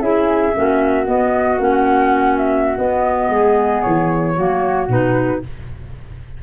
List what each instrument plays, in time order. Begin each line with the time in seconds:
0.00 tuba C#4, clarinet E4, flute G#4 E5
0.54 tuba A#3, clarinet C#4, flute F#4
1.05 clarinet B3, tuba B3, flute D#5
1.58 tuba A#3, clarinet C#4, flute F#5
2.37 flute E5
2.76 clarinet B3, tuba B3, flute D#5
3.29 tuba G#3, flute G#4
3.82 tuba E3, flute C#5
4.35 tuba F#3, clarinet A#3, flute F#4
4.88 tuba B2, clarinet D#4, flute B4